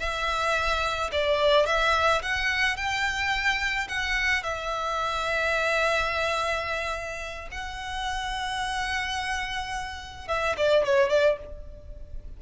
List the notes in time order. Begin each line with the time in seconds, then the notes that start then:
0.00 E5
1.12 D5
1.67 E5
2.23 F#5
2.77 G5
3.89 F#5
4.43 E5
7.52 F#5
10.29 E5
10.58 D5
10.85 C#5
11.10 D5